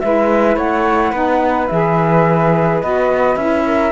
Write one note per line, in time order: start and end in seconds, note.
0.00 0.56 G#3
0.00 1.13 E4
0.00 0.56 B4
0.00 0.56 E5
0.56 1.12 A3
0.56 1.11 C#5
0.56 1.67 F#5
1.11 1.68 B3
1.11 1.69 D#4
1.11 3.63 B4
1.67 2.83 E3
1.67 2.83 G#4
1.67 2.79 E5
2.80 3.36 B3
2.80 3.38 F#4
2.80 3.36 D#5
3.36 3.91 C#4
3.36 3.91 E4
3.36 3.91 E5
3.66 3.91 A#4